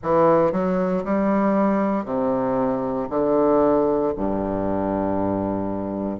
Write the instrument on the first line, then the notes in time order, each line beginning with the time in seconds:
bassoon
0.02 E3
0.52 F#3
1.04 G3
2.05 C3
3.09 D3
4.16 G2